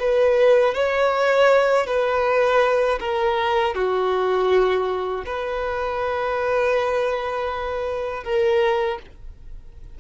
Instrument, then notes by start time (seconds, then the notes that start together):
violin
0.00 B4
0.74 C#5
1.87 B4
3.00 A#4
3.75 F#4
5.26 B4
8.24 A#4